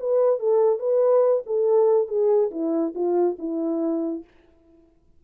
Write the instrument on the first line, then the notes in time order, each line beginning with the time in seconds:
horn
0.00 B4
0.40 A4
0.79 B4
1.46 A4
2.08 G#4
2.51 E4
2.95 F4
3.39 E4